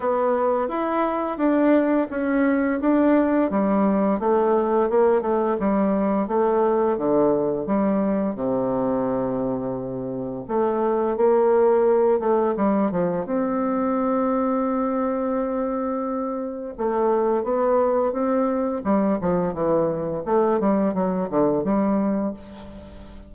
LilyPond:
\new Staff \with { instrumentName = "bassoon" } { \time 4/4 \tempo 4 = 86 b4 e'4 d'4 cis'4 | d'4 g4 a4 ais8 a8 | g4 a4 d4 g4 | c2. a4 |
ais4. a8 g8 f8 c'4~ | c'1 | a4 b4 c'4 g8 f8 | e4 a8 g8 fis8 d8 g4 | }